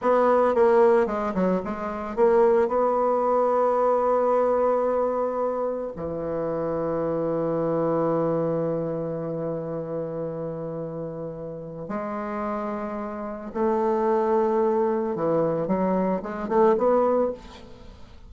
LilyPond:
\new Staff \with { instrumentName = "bassoon" } { \time 4/4 \tempo 4 = 111 b4 ais4 gis8 fis8 gis4 | ais4 b2.~ | b2. e4~ | e1~ |
e1~ | e2 gis2~ | gis4 a2. | e4 fis4 gis8 a8 b4 | }